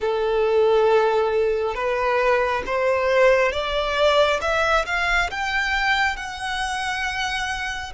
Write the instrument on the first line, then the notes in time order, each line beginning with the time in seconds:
violin
0.00 A4
1.74 B4
2.66 C5
3.51 D5
4.41 E5
4.85 F5
5.30 G5
6.16 F#5